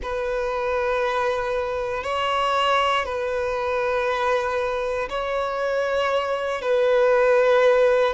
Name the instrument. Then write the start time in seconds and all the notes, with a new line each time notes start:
violin
0.02 B4
2.03 C#5
3.05 B4
5.09 C#5
6.61 B4